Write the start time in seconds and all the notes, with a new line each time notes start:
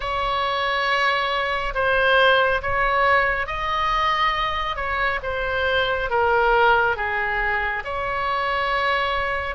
0.00 C#5
1.74 C5
2.62 C#5
3.47 D#5
4.76 C#5
5.23 C5
6.09 A#4
6.96 G#4
7.84 C#5